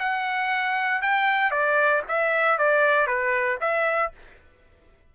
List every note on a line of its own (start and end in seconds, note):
0.00 1.02 F#5
1.02 1.51 G5
1.51 2.03 D5
2.09 2.59 E5
2.59 3.08 D5
3.08 3.59 B4
3.61 4.13 E5